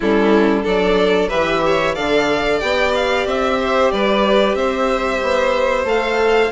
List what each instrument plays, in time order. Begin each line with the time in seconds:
0.00 bassoon G3, viola C#4, violin E4 A4
0.63 bassoon F#3, viola D4, violin A4 D5
1.28 bassoon E3, viola G4, violin B4 E5
1.66 violin C#5
1.94 bassoon D3, viola A4, violin D5 F5
2.59 bassoon B3, viola G4, violin G5
2.94 violin F5
3.26 bassoon C4, violin E5
3.60 violin C5
3.91 bassoon G3, violin B4 D5
4.54 bassoon C4, violin C5 E5
5.22 bassoon B3
5.85 bassoon A3, viola A4, violin F5